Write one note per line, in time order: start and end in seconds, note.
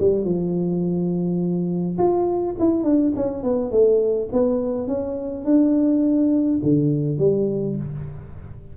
0.00 0.25 G3
0.25 1.98 F3
1.99 2.56 F4
2.60 2.84 E4
2.84 3.13 D4
3.17 3.44 C#4
3.44 3.72 B3
3.72 4.29 A3
4.33 4.88 B3
4.88 5.45 C#4
5.45 6.61 D4
6.63 7.19 D3
7.19 7.76 G3